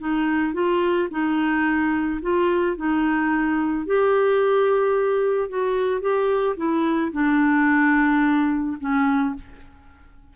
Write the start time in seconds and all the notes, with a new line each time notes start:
0.00 D#4
0.54 F4
1.11 D#4
2.22 F4
2.77 D#4
3.86 G4
5.49 F#4
6.01 G4
6.57 E4
7.12 D4
8.80 C#4